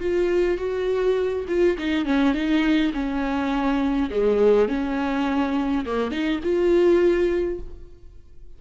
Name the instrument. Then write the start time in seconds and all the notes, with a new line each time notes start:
viola
0.00 F4
0.58 F#4
1.48 F4
1.78 D#4
2.05 C#4
2.34 D#4
2.94 C#4
4.11 G#3
4.69 C#4
5.85 A#3
6.11 D#4
6.43 F4